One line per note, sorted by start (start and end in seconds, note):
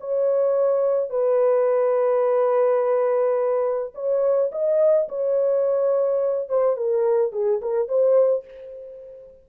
0.00 1.10 C#5
1.10 3.93 B4
3.94 4.51 C#5
4.52 5.08 D#5
5.08 6.49 C#5
6.49 6.77 C5
6.77 7.32 A#4
7.32 7.60 G#4
7.61 7.88 A#4
7.88 8.44 C5